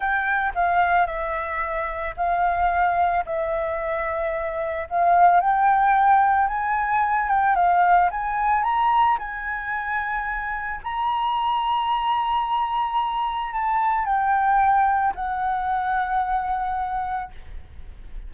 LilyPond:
\new Staff \with { instrumentName = "flute" } { \time 4/4 \tempo 4 = 111 g''4 f''4 e''2 | f''2 e''2~ | e''4 f''4 g''2 | gis''4. g''8 f''4 gis''4 |
ais''4 gis''2. | ais''1~ | ais''4 a''4 g''2 | fis''1 | }